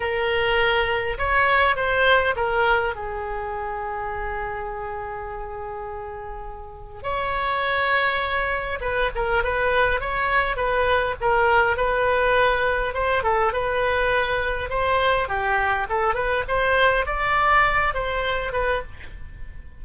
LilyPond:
\new Staff \with { instrumentName = "oboe" } { \time 4/4 \tempo 4 = 102 ais'2 cis''4 c''4 | ais'4 gis'2.~ | gis'1 | cis''2. b'8 ais'8 |
b'4 cis''4 b'4 ais'4 | b'2 c''8 a'8 b'4~ | b'4 c''4 g'4 a'8 b'8 | c''4 d''4. c''4 b'8 | }